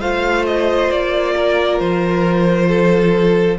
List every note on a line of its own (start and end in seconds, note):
0.00 0.90 A3
0.00 3.59 F4
0.00 1.34 C5
0.00 0.46 F5
0.46 0.91 D#5
0.91 1.80 A#3
0.91 1.80 D5
1.36 2.69 A#4
1.80 3.59 F3
1.80 3.59 C5
2.69 3.58 A4